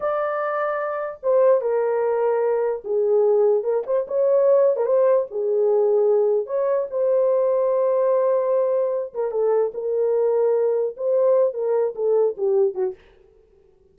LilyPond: \new Staff \with { instrumentName = "horn" } { \time 4/4 \tempo 4 = 148 d''2. c''4 | ais'2. gis'4~ | gis'4 ais'8 c''8 cis''4.~ cis''16 ais'16 | c''4 gis'2. |
cis''4 c''2.~ | c''2~ c''8 ais'8 a'4 | ais'2. c''4~ | c''8 ais'4 a'4 g'4 fis'8 | }